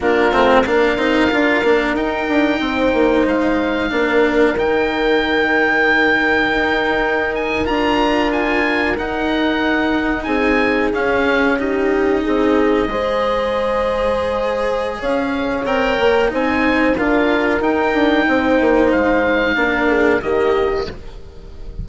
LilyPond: <<
  \new Staff \with { instrumentName = "oboe" } { \time 4/4 \tempo 4 = 92 ais'4 f''2 g''4~ | g''4 f''2 g''4~ | g''2.~ g''16 gis''8 ais''16~ | ais''8. gis''4 fis''2 gis''16~ |
gis''8. f''4 dis''2~ dis''16~ | dis''2. f''4 | g''4 gis''4 f''4 g''4~ | g''4 f''2 dis''4 | }
  \new Staff \with { instrumentName = "horn" } { \time 4/4 f'4 ais'2. | c''2 ais'2~ | ais'1~ | ais'2.~ ais'8. gis'16~ |
gis'4.~ gis'16 g'4 gis'4 c''16~ | c''2. cis''4~ | cis''4 c''4 ais'2 | c''2 ais'8 gis'8 g'4 | }
  \new Staff \with { instrumentName = "cello" } { \time 4/4 d'8 c'8 d'8 dis'8 f'8 d'8 dis'4~ | dis'2 d'4 dis'4~ | dis'2.~ dis'8. f'16~ | f'4.~ f'16 dis'2~ dis'16~ |
dis'8. cis'4 dis'2 gis'16~ | gis'1 | ais'4 dis'4 f'4 dis'4~ | dis'2 d'4 ais4 | }
  \new Staff \with { instrumentName = "bassoon" } { \time 4/4 ais8 a8 ais8 c'8 d'8 ais8 dis'8 d'8 | c'8 ais8 gis4 ais4 dis4~ | dis2 dis'4.~ dis'16 d'16~ | d'4.~ d'16 dis'2 c'16~ |
c'8. cis'2 c'4 gis16~ | gis2. cis'4 | c'8 ais8 c'4 d'4 dis'8 d'8 | c'8 ais8 gis4 ais4 dis4 | }
>>